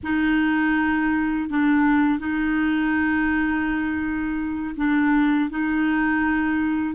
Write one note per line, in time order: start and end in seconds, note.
0.03 1.49 D#4
1.49 2.19 D4
2.19 4.75 D#4
4.76 5.49 D4
5.49 6.95 D#4